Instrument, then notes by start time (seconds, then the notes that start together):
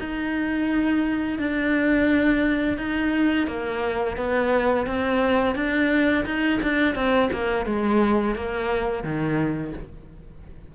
cello
0.00 D#4
1.39 D4
2.78 D#4
3.48 A#3
4.17 B3
4.87 C4
5.55 D4
6.25 D#4
6.62 D4
6.95 C4
7.33 A#3
7.66 G#3
8.35 A#3
9.04 D#3